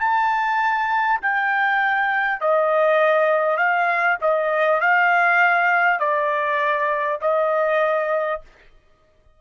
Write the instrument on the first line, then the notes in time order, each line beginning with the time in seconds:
trumpet
0.00 A5
1.21 G5
2.41 D#5
3.57 F5
4.21 D#5
4.80 F5
5.99 D5
7.21 D#5